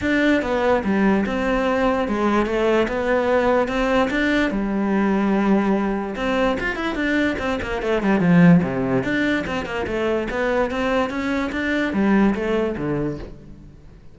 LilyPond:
\new Staff \with { instrumentName = "cello" } { \time 4/4 \tempo 4 = 146 d'4 b4 g4 c'4~ | c'4 gis4 a4 b4~ | b4 c'4 d'4 g4~ | g2. c'4 |
f'8 e'8 d'4 c'8 ais8 a8 g8 | f4 c4 d'4 c'8 ais8 | a4 b4 c'4 cis'4 | d'4 g4 a4 d4 | }